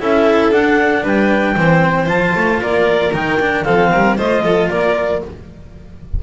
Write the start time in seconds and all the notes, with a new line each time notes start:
0.00 C#4 E4 A4 E5
0.51 D4 F#5
1.03 G3 B4 G5
1.56 E3 C4 C5
2.07 F3 F4 A5
2.36 A3
2.62 A#3 A#4 D5
3.14 D#3 D#4 G5
3.40 D4
3.64 F3 C4 A4 F5
3.92 G3 A#4
4.17 A3 F4 C5 D#5
4.44 F3 A4
4.70 A#3 A#4 D5